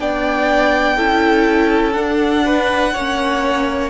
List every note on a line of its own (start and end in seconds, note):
0.00 0.99 B3
0.00 0.97 D4
0.00 0.97 D5
0.00 1.93 G5
0.97 1.97 C#4
0.97 1.94 E4
0.97 2.44 A4
1.93 2.93 D4
1.93 2.95 D4
1.93 3.90 F#5
2.45 2.94 B4
2.94 3.90 A#3
2.94 3.90 C#4
2.94 3.90 C#5